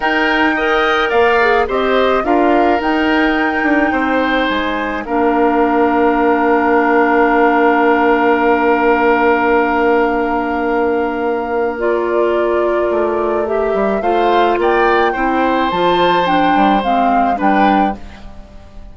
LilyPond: <<
  \new Staff \with { instrumentName = "flute" } { \time 4/4 \tempo 4 = 107 g''2 f''4 dis''4 | f''4 g''2. | gis''4 f''2.~ | f''1~ |
f''1~ | f''4 d''2. | e''4 f''4 g''2 | a''4 g''4 f''4 g''4 | }
  \new Staff \with { instrumentName = "oboe" } { \time 4/4 ais'4 dis''4 d''4 c''4 | ais'2. c''4~ | c''4 ais'2.~ | ais'1~ |
ais'1~ | ais'1~ | ais'4 c''4 d''4 c''4~ | c''2. b'4 | }
  \new Staff \with { instrumentName = "clarinet" } { \time 4/4 dis'4 ais'4. gis'8 g'4 | f'4 dis'2.~ | dis'4 d'2.~ | d'1~ |
d'1~ | d'4 f'2. | g'4 f'2 e'4 | f'4 d'4 c'4 d'4 | }
  \new Staff \with { instrumentName = "bassoon" } { \time 4/4 dis'2 ais4 c'4 | d'4 dis'4. d'8 c'4 | gis4 ais2.~ | ais1~ |
ais1~ | ais2. a4~ | a8 g8 a4 ais4 c'4 | f4. g8 gis4 g4 | }
>>